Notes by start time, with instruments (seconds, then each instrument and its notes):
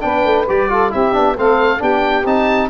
0.00 tuba B3, trombone D4, saxophone B4, oboe G5
0.24 tuba A3
0.48 tuba G3, trombone G4, oboe D5
0.69 trombone F4, saxophone A4
0.90 tuba C4, trombone E4, saxophone G4, oboe E5
1.13 tuba B3, trombone D4
1.37 tuba A3, trombone C4, saxophone A4, oboe F5
1.78 tuba B3, trombone D4, saxophone G4, oboe G5
2.25 tuba C4, trombone D#4, oboe A5